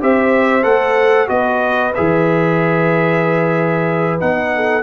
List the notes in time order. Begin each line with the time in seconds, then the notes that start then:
0.00 C4 G4 C5 E5
0.63 A3 A4 F#5
1.27 B3 F#4 B4 D#5
1.94 E3 G#4 E5
4.20 B3 D#4 F#5
4.55 A4